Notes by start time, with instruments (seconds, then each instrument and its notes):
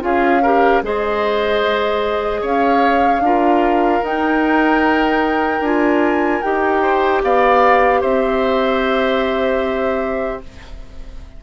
0.00 bassoon C#4, clarinet F4, oboe G#4, flute F5
0.42 clarinet G4, oboe A#4
0.82 bassoon G#3, clarinet G#4, oboe C5, flute D#5
2.41 bassoon C#4, oboe C#5, flute F5
3.19 bassoon D4, clarinet F4, oboe A#4
4.02 bassoon D#4, clarinet D#4, flute G5
5.60 bassoon D4, clarinet F4, flute G#5
6.41 bassoon D#4, clarinet G4, flute G5
6.82 oboe C5
7.23 bassoon B3, oboe D5, flute F5
8.00 bassoon C4, oboe C5, flute E5